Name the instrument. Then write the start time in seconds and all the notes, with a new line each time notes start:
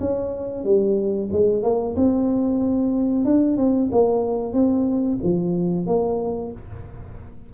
tuba
0.00 C#4
0.64 G3
1.32 G#3
1.63 A#3
1.96 C4
3.25 D4
3.58 C4
3.92 A#3
4.54 C4
5.23 F3
5.87 A#3